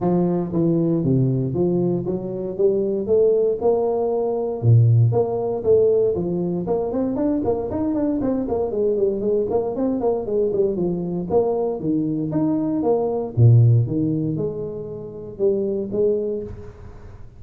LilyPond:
\new Staff \with { instrumentName = "tuba" } { \time 4/4 \tempo 4 = 117 f4 e4 c4 f4 | fis4 g4 a4 ais4~ | ais4 ais,4 ais4 a4 | f4 ais8 c'8 d'8 ais8 dis'8 d'8 |
c'8 ais8 gis8 g8 gis8 ais8 c'8 ais8 | gis8 g8 f4 ais4 dis4 | dis'4 ais4 ais,4 dis4 | gis2 g4 gis4 | }